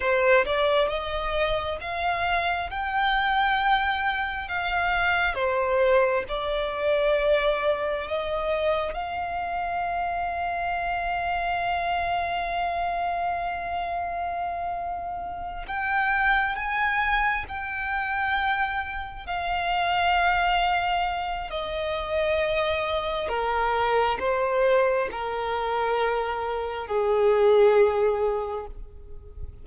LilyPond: \new Staff \with { instrumentName = "violin" } { \time 4/4 \tempo 4 = 67 c''8 d''8 dis''4 f''4 g''4~ | g''4 f''4 c''4 d''4~ | d''4 dis''4 f''2~ | f''1~ |
f''4. g''4 gis''4 g''8~ | g''4. f''2~ f''8 | dis''2 ais'4 c''4 | ais'2 gis'2 | }